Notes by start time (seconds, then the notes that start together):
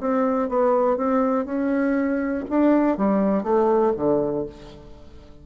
0.00 C4
0.49 B3
0.97 C4
1.45 C#4
2.50 D4
2.97 G3
3.43 A3
3.96 D3